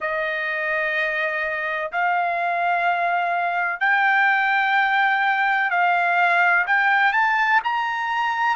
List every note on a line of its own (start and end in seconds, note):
0.00 1.91 D#5
1.92 3.80 F5
3.80 5.70 G5
5.70 6.65 F5
6.66 7.13 G5
7.13 7.60 A5
7.64 8.55 A#5